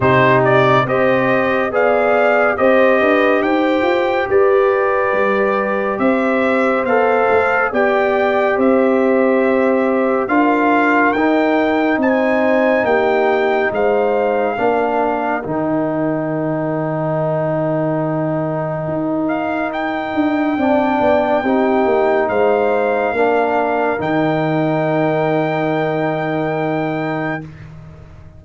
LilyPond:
<<
  \new Staff \with { instrumentName = "trumpet" } { \time 4/4 \tempo 4 = 70 c''8 d''8 dis''4 f''4 dis''4 | g''4 d''2 e''4 | f''4 g''4 e''2 | f''4 g''4 gis''4 g''4 |
f''2 g''2~ | g''2~ g''8 f''8 g''4~ | g''2 f''2 | g''1 | }
  \new Staff \with { instrumentName = "horn" } { \time 4/4 g'4 c''4 d''4 c''8 b'8 | c''4 b'2 c''4~ | c''4 d''4 c''2 | ais'2 c''4 g'4 |
c''4 ais'2.~ | ais'1 | d''4 g'4 c''4 ais'4~ | ais'1 | }
  \new Staff \with { instrumentName = "trombone" } { \time 4/4 dis'4 g'4 gis'4 g'4~ | g'1 | a'4 g'2. | f'4 dis'2.~ |
dis'4 d'4 dis'2~ | dis'1 | d'4 dis'2 d'4 | dis'1 | }
  \new Staff \with { instrumentName = "tuba" } { \time 4/4 c4 c'4 b4 c'8 d'8 | dis'8 f'8 g'4 g4 c'4 | b8 a8 b4 c'2 | d'4 dis'4 c'4 ais4 |
gis4 ais4 dis2~ | dis2 dis'4. d'8 | c'8 b8 c'8 ais8 gis4 ais4 | dis1 | }
>>